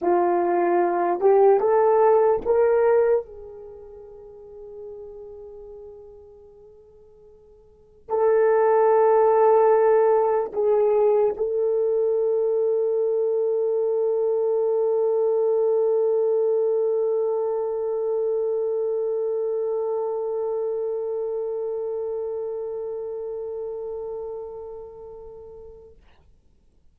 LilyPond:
\new Staff \with { instrumentName = "horn" } { \time 4/4 \tempo 4 = 74 f'4. g'8 a'4 ais'4 | gis'1~ | gis'2 a'2~ | a'4 gis'4 a'2~ |
a'1~ | a'1~ | a'1~ | a'1 | }